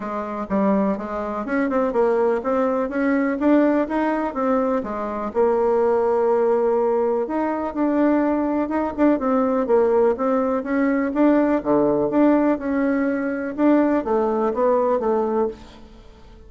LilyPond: \new Staff \with { instrumentName = "bassoon" } { \time 4/4 \tempo 4 = 124 gis4 g4 gis4 cis'8 c'8 | ais4 c'4 cis'4 d'4 | dis'4 c'4 gis4 ais4~ | ais2. dis'4 |
d'2 dis'8 d'8 c'4 | ais4 c'4 cis'4 d'4 | d4 d'4 cis'2 | d'4 a4 b4 a4 | }